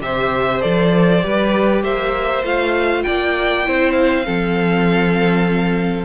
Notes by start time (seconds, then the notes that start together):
0.00 C3 G4 C5 E5
0.60 F3 A4 D5
1.21 G3 G4 B4
1.83 A#3 C5 E5
2.43 A3 F4 F5
3.02 A#3 D5 G5
3.65 C4 E4 C5
3.92 F5
4.24 F3 C4 A4